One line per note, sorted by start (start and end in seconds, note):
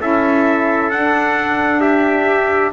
0.00 0.92 C#4
0.00 0.91 E4
0.00 1.81 A4
0.00 0.91 E5
0.91 2.73 D4
0.91 1.80 F#5
1.80 2.72 G4
1.80 2.71 E5